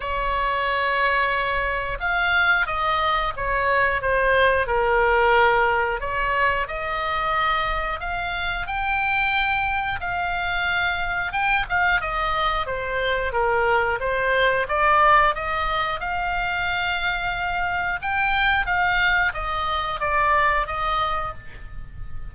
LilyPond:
\new Staff \with { instrumentName = "oboe" } { \time 4/4 \tempo 4 = 90 cis''2. f''4 | dis''4 cis''4 c''4 ais'4~ | ais'4 cis''4 dis''2 | f''4 g''2 f''4~ |
f''4 g''8 f''8 dis''4 c''4 | ais'4 c''4 d''4 dis''4 | f''2. g''4 | f''4 dis''4 d''4 dis''4 | }